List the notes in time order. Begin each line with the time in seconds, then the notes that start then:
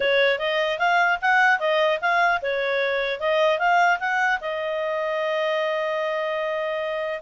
0.00 C#5
0.39 D#5
0.78 F5
1.21 F#5
1.59 D#5
2.01 F5
2.42 C#5
3.19 D#5
3.59 F5
3.99 F#5
4.41 D#5